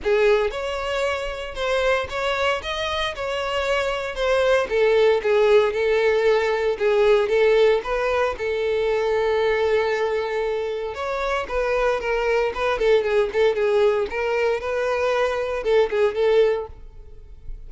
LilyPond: \new Staff \with { instrumentName = "violin" } { \time 4/4 \tempo 4 = 115 gis'4 cis''2 c''4 | cis''4 dis''4 cis''2 | c''4 a'4 gis'4 a'4~ | a'4 gis'4 a'4 b'4 |
a'1~ | a'4 cis''4 b'4 ais'4 | b'8 a'8 gis'8 a'8 gis'4 ais'4 | b'2 a'8 gis'8 a'4 | }